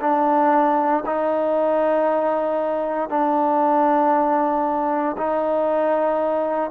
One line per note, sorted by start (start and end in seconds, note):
0.00 1.03 D4
1.05 3.09 D#4
3.09 5.16 D4
5.17 6.70 D#4